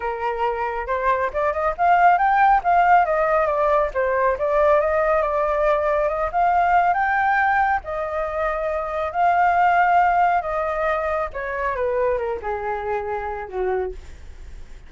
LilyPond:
\new Staff \with { instrumentName = "flute" } { \time 4/4 \tempo 4 = 138 ais'2 c''4 d''8 dis''8 | f''4 g''4 f''4 dis''4 | d''4 c''4 d''4 dis''4 | d''2 dis''8 f''4. |
g''2 dis''2~ | dis''4 f''2. | dis''2 cis''4 b'4 | ais'8 gis'2~ gis'8 fis'4 | }